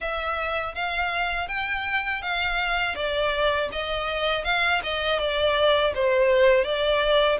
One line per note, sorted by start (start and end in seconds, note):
0.00 0.74 E5
0.74 1.48 F5
1.48 2.22 G5
2.22 2.95 F5
2.95 3.69 D5
3.72 4.44 D#5
4.44 4.81 F5
4.83 5.19 D#5
5.19 5.93 D5
5.95 6.64 C5
6.64 7.38 D5